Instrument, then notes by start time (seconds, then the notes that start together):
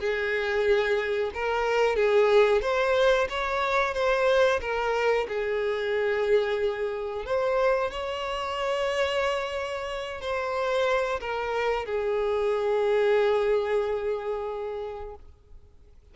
violin
0.00 G#4
1.35 A#4
1.96 G#4
2.62 C5
3.30 C#5
3.94 C5
4.62 A#4
5.28 G#4
7.26 C5
7.91 C#5
10.22 C5
11.21 A#4
11.86 G#4